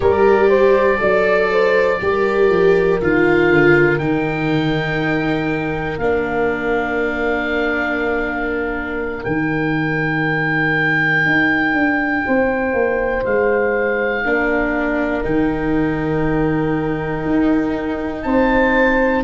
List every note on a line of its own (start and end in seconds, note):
0.00 0.99 G3
0.00 0.97 G4
0.00 0.49 A#4
0.00 3.00 D5
0.49 0.99 C5
0.97 2.00 F#3
0.97 1.97 A4
0.97 1.51 D5
1.51 2.01 C5
2.01 2.49 G3
2.01 3.01 G4
2.01 12.25 A#4
2.49 2.99 F3
3.01 3.49 D#3
3.01 3.99 F4
3.01 3.98 F5
3.49 3.99 D3
3.98 5.97 D#3
3.98 5.99 D#4
3.98 5.98 G5
5.97 9.22 A#3
5.97 9.23 D4
5.97 9.24 F5
9.23 11.25 D#3
9.23 14.23 D#4
9.23 13.24 G5
11.25 11.73 D#4
11.73 12.23 D4
12.25 12.73 C4
12.25 14.25 C5
12.73 13.23 A#3
13.25 14.24 G#3
13.25 15.24 F5
14.24 15.24 A#3
14.24 15.23 D4
14.24 18.25 A#4
15.23 17.25 D#3
15.23 19.23 D#4
15.23 18.22 G5
17.25 18.25 D#4
18.22 19.24 C4
18.22 19.24 C5
18.22 19.22 A5